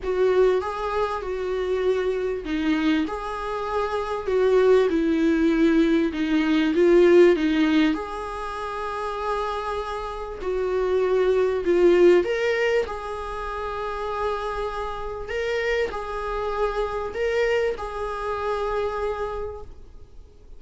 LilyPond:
\new Staff \with { instrumentName = "viola" } { \time 4/4 \tempo 4 = 98 fis'4 gis'4 fis'2 | dis'4 gis'2 fis'4 | e'2 dis'4 f'4 | dis'4 gis'2.~ |
gis'4 fis'2 f'4 | ais'4 gis'2.~ | gis'4 ais'4 gis'2 | ais'4 gis'2. | }